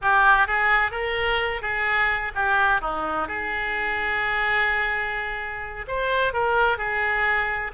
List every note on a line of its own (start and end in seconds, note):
0.01 0.47 G4
0.47 0.91 G#4
0.91 1.61 A#4
1.61 2.31 G#4
2.35 2.81 G4
2.81 3.28 D#4
3.28 5.86 G#4
5.87 6.33 C5
6.33 6.77 A#4
6.77 7.71 G#4